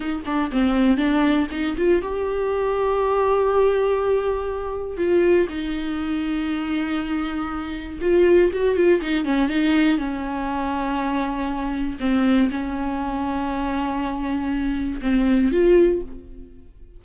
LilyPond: \new Staff \with { instrumentName = "viola" } { \time 4/4 \tempo 4 = 120 dis'8 d'8 c'4 d'4 dis'8 f'8 | g'1~ | g'2 f'4 dis'4~ | dis'1 |
f'4 fis'8 f'8 dis'8 cis'8 dis'4 | cis'1 | c'4 cis'2.~ | cis'2 c'4 f'4 | }